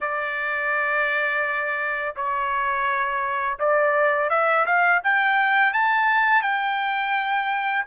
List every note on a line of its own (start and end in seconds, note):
0.00 2.15 D5
2.16 3.58 C#5
3.59 4.29 D5
4.29 4.65 E5
4.66 5.01 F5
5.03 5.73 G5
5.73 6.42 A5
6.42 7.84 G5